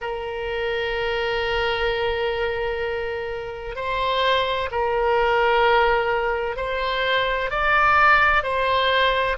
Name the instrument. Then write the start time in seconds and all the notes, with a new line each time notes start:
oboe
0.01 A#4
3.75 C5
4.71 A#4
6.56 C5
7.50 D5
8.43 C5